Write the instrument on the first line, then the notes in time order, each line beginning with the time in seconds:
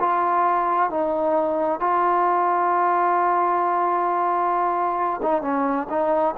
trombone
0.00 F4
0.90 D#4
1.81 F4
5.23 D#4
5.42 C#4
5.90 D#4